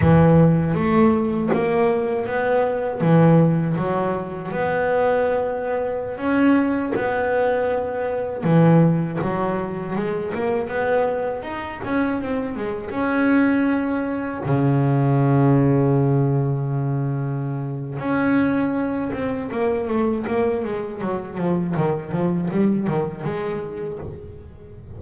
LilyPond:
\new Staff \with { instrumentName = "double bass" } { \time 4/4 \tempo 4 = 80 e4 a4 ais4 b4 | e4 fis4 b2~ | b16 cis'4 b2 e8.~ | e16 fis4 gis8 ais8 b4 dis'8 cis'16~ |
cis'16 c'8 gis8 cis'2 cis8.~ | cis1 | cis'4. c'8 ais8 a8 ais8 gis8 | fis8 f8 dis8 f8 g8 dis8 gis4 | }